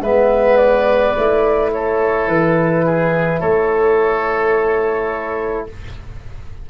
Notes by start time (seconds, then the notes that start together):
0.00 G#3 B3 B4 E5
0.56 D5
1.17 A3 E4
1.72 A4 C#5
2.27 E3 B4
2.85 G#4
3.40 A3 A4 C#5